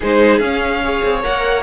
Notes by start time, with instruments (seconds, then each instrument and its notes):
0.00 cello G#3, viola D#4, violin G#4 C5
0.38 cello C#4, viola C#4, violin F5
0.83 viola G#4, violin C#5
1.03 cello C4
1.22 cello A#3, viola A#4, violin F#5